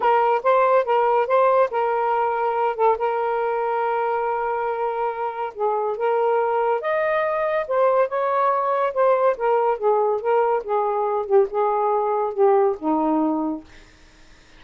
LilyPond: \new Staff \with { instrumentName = "saxophone" } { \time 4/4 \tempo 4 = 141 ais'4 c''4 ais'4 c''4 | ais'2~ ais'8 a'8 ais'4~ | ais'1~ | ais'4 gis'4 ais'2 |
dis''2 c''4 cis''4~ | cis''4 c''4 ais'4 gis'4 | ais'4 gis'4. g'8 gis'4~ | gis'4 g'4 dis'2 | }